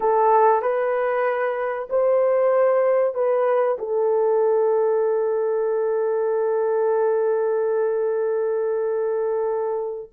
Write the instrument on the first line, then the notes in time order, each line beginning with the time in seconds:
horn
0.00 A4
0.62 B4
1.89 C5
3.14 B4
3.78 A4